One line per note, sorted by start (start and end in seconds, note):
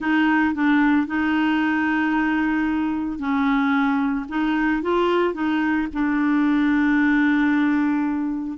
0.00 0.54 D#4
0.54 1.07 D4
1.07 3.19 D#4
3.19 4.26 C#4
4.28 4.82 D#4
4.82 5.34 F4
5.34 5.87 D#4
5.93 8.57 D4